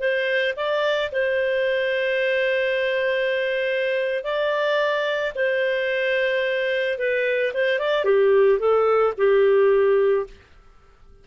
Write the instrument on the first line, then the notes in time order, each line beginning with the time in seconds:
clarinet
0.00 C5
0.57 D5
1.12 C5
4.24 D5
5.35 C5
6.98 B4
7.54 C5
7.80 D5
8.05 G4
8.59 A4
9.18 G4